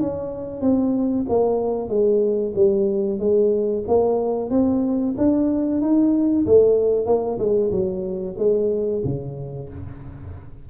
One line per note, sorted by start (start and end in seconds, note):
0.00 0.61 C#4
0.61 1.26 C4
1.29 1.89 A#3
1.89 2.53 G#3
2.55 3.19 G3
3.19 3.84 G#3
3.88 4.50 A#3
4.50 5.15 C4
5.18 5.82 D4
5.82 6.46 D#4
6.46 7.06 A3
7.06 7.38 A#3
7.39 7.71 G#3
7.72 8.36 F#3
8.38 9.03 G#3
9.05 9.69 C#3